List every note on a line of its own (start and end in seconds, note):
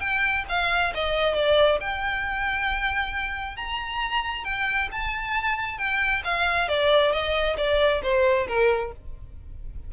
0.00 0.44 G5
0.49 0.93 F5
0.95 1.35 D#5
1.35 1.79 D5
1.80 3.57 G5
3.57 4.44 A#5
4.44 4.89 G5
4.92 5.78 A5
5.78 6.23 G5
6.25 6.68 F5
6.68 7.12 D5
7.12 7.56 D#5
7.57 8.02 D5
8.03 8.47 C5
8.48 8.92 A#4